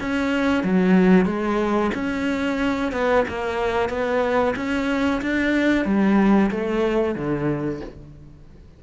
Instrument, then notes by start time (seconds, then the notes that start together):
cello
0.00 C#4
0.63 F#3
1.25 G#3
1.94 C#4
2.92 B3
3.28 A#3
3.89 B3
4.56 C#4
5.21 D4
5.85 G3
6.51 A3
7.15 D3